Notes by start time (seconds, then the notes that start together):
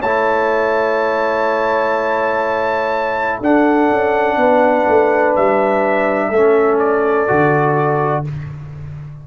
0.00 A3 E4 C#5 A5
3.40 D4 A4 F#5
3.90 C#4
4.36 B3 B4
4.87 A3
5.35 G3 E5
6.29 A3 C#4 A4
6.79 D5
7.28 D3 F#4